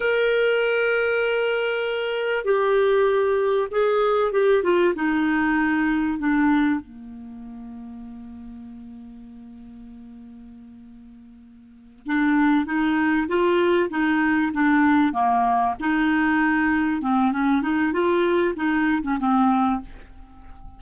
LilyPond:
\new Staff \with { instrumentName = "clarinet" } { \time 4/4 \tempo 4 = 97 ais'1 | g'2 gis'4 g'8 f'8 | dis'2 d'4 ais4~ | ais1~ |
ais2.~ ais8 d'8~ | d'8 dis'4 f'4 dis'4 d'8~ | d'8 ais4 dis'2 c'8 | cis'8 dis'8 f'4 dis'8. cis'16 c'4 | }